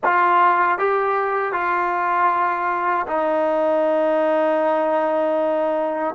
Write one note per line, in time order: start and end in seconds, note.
0.03 0.78 F4
0.78 1.52 G4
1.52 3.06 F4
3.07 6.15 D#4